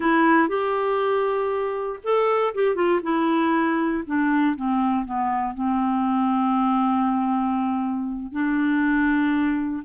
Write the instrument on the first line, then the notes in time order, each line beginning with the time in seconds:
clarinet
0.00 E4
0.48 G4
2.03 A4
2.54 G4
2.75 F4
3.02 E4
4.06 D4
4.55 C4
5.05 B3
5.54 C4
8.32 D4